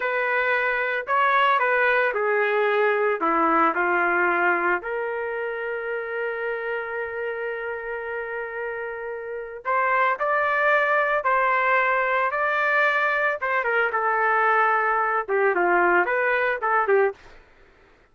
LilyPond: \new Staff \with { instrumentName = "trumpet" } { \time 4/4 \tempo 4 = 112 b'2 cis''4 b'4 | gis'2 e'4 f'4~ | f'4 ais'2.~ | ais'1~ |
ais'2 c''4 d''4~ | d''4 c''2 d''4~ | d''4 c''8 ais'8 a'2~ | a'8 g'8 f'4 b'4 a'8 g'8 | }